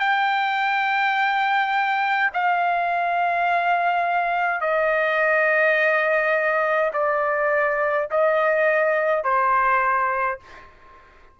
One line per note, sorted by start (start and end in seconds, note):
0.00 2.31 G5
2.34 4.61 F5
4.61 6.92 D#5
6.93 8.09 D5
8.11 9.24 D#5
9.24 10.40 C5